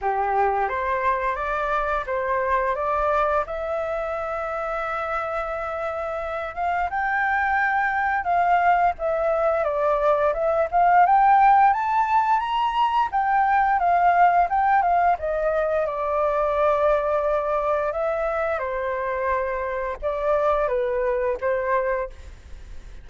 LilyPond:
\new Staff \with { instrumentName = "flute" } { \time 4/4 \tempo 4 = 87 g'4 c''4 d''4 c''4 | d''4 e''2.~ | e''4. f''8 g''2 | f''4 e''4 d''4 e''8 f''8 |
g''4 a''4 ais''4 g''4 | f''4 g''8 f''8 dis''4 d''4~ | d''2 e''4 c''4~ | c''4 d''4 b'4 c''4 | }